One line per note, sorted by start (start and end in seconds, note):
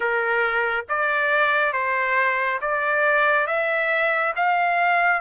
0.00 0.85 A#4
0.88 1.72 D5
1.72 2.59 C5
2.61 3.46 D5
3.46 4.33 E5
4.36 5.21 F5